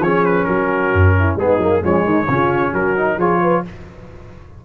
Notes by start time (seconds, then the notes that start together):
0.00 F3 C#4 G#4 C#5
0.25 B4
0.44 F#3 F#4 A#4
0.93 F#2
1.19 E4
1.36 G#3 B3 D#4 G#4
1.57 F#3 A#3
1.82 F3 G#3 C#4 C#5
2.04 D#3 D#4
2.28 C#3 C#4 F4
2.73 F#3 F#4 A#4
2.97 D#4
3.17 F3 F4 G#4 C#5
3.42 B4